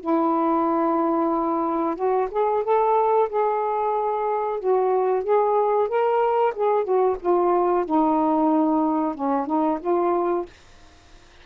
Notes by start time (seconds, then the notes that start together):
0.00 E4
1.95 F#4
2.30 G#4
2.63 A4
3.29 G#4
4.59 F#4
5.23 G#4
5.88 A#4
6.55 G#4
6.84 F#4
7.19 F4
7.85 D#4
9.14 C#4
9.46 D#4
9.80 F4